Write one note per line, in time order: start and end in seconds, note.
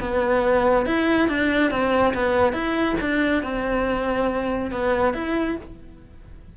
0.00 0.86 B3
0.86 1.28 E4
1.28 1.71 D4
1.71 2.14 C4
2.14 2.53 B3
2.53 2.96 E4
3.01 3.43 D4
3.43 4.71 C4
4.71 5.14 B3
5.14 5.56 E4